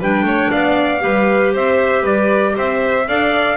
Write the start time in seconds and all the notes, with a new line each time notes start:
0.00 G3 D4 B4 G5
0.23 A3 C#5
0.51 B3 D5 F5
1.00 G3 G4 B4
1.54 C4 C5 E5
2.03 G3 B4 D5
2.57 C4 C5 E5
3.08 D4 A4 D5 F5